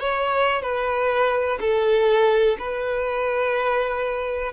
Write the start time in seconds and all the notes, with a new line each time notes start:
0.00 C#5
0.62 B4
1.61 A4
2.59 B4